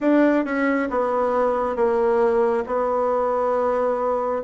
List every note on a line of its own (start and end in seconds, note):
0.00 0.44 D4
0.44 0.88 C#4
0.90 1.76 B3
1.76 2.64 A#3
2.66 4.42 B3